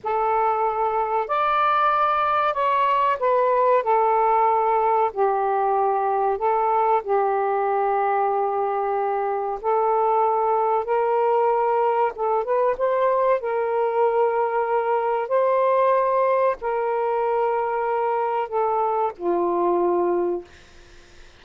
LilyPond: \new Staff \with { instrumentName = "saxophone" } { \time 4/4 \tempo 4 = 94 a'2 d''2 | cis''4 b'4 a'2 | g'2 a'4 g'4~ | g'2. a'4~ |
a'4 ais'2 a'8 b'8 | c''4 ais'2. | c''2 ais'2~ | ais'4 a'4 f'2 | }